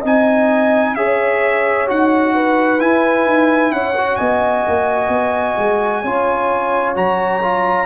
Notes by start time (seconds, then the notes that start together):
0.00 C4 D#4 D#5 G#5
0.95 C#4 G#4 C#5 E5
1.87 D#4 F#4 F#5
2.34 B4
2.79 E4 G#5
3.25 D#4
3.70 C#4 C#5 F#5
3.96 F#4
4.16 B3 D#5 G#5
4.67 A#3
5.08 B3
5.58 G#3
6.02 C#4 F4 C#5
6.94 F#3 F#4 A#5
7.42 F4